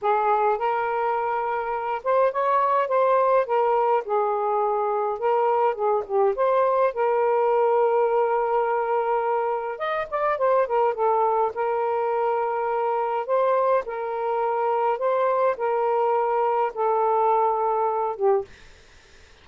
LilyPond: \new Staff \with { instrumentName = "saxophone" } { \time 4/4 \tempo 4 = 104 gis'4 ais'2~ ais'8 c''8 | cis''4 c''4 ais'4 gis'4~ | gis'4 ais'4 gis'8 g'8 c''4 | ais'1~ |
ais'4 dis''8 d''8 c''8 ais'8 a'4 | ais'2. c''4 | ais'2 c''4 ais'4~ | ais'4 a'2~ a'8 g'8 | }